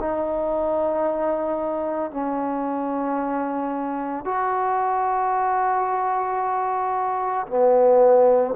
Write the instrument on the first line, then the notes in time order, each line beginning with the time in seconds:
trombone
0.00 D#4
2.11 C#4
4.26 F#4
7.48 B3